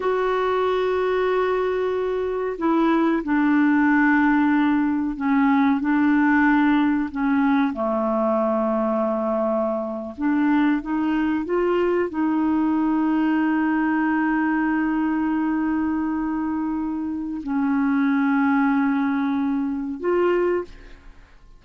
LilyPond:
\new Staff \with { instrumentName = "clarinet" } { \time 4/4 \tempo 4 = 93 fis'1 | e'4 d'2. | cis'4 d'2 cis'4 | a2.~ a8. d'16~ |
d'8. dis'4 f'4 dis'4~ dis'16~ | dis'1~ | dis'2. cis'4~ | cis'2. f'4 | }